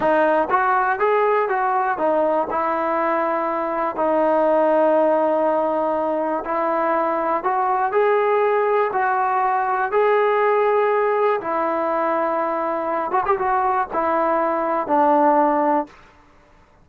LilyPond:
\new Staff \with { instrumentName = "trombone" } { \time 4/4 \tempo 4 = 121 dis'4 fis'4 gis'4 fis'4 | dis'4 e'2. | dis'1~ | dis'4 e'2 fis'4 |
gis'2 fis'2 | gis'2. e'4~ | e'2~ e'8 fis'16 g'16 fis'4 | e'2 d'2 | }